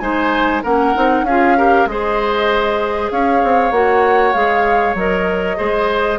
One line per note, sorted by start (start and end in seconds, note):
0.00 0.63 G#3
0.00 0.63 D#4
0.00 0.63 C5
0.00 0.62 G#5
0.63 0.96 A#3
0.63 0.95 C#4
0.63 1.25 A#4
0.63 1.26 F#5
0.95 1.23 C4
0.95 1.26 D#4
1.23 1.85 C#4
1.23 1.58 G#4
1.23 1.87 F5
1.30 1.57 F4
1.57 1.88 G4
1.57 1.89 A#4
1.86 3.10 G#3
1.86 3.73 G#4
1.86 3.12 C5
1.86 3.11 D#5
3.11 3.43 C#4
3.11 5.58 C#5
3.11 3.72 F5
3.44 3.72 C4
3.72 4.33 A#3
3.72 4.34 F#4
3.72 4.34 F#5
4.34 4.95 G#3
4.34 4.96 G#4
4.34 4.95 F5
4.95 5.57 F#3
4.95 5.57 A#4
4.95 6.19 D#5
5.57 6.19 G#3
5.57 6.19 G#4
5.57 6.19 C5